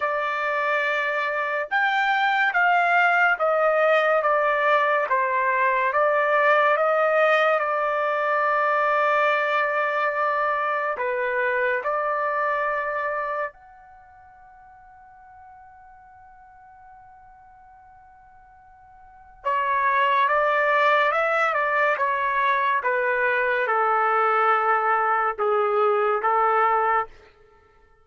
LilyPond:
\new Staff \with { instrumentName = "trumpet" } { \time 4/4 \tempo 4 = 71 d''2 g''4 f''4 | dis''4 d''4 c''4 d''4 | dis''4 d''2.~ | d''4 b'4 d''2 |
fis''1~ | fis''2. cis''4 | d''4 e''8 d''8 cis''4 b'4 | a'2 gis'4 a'4 | }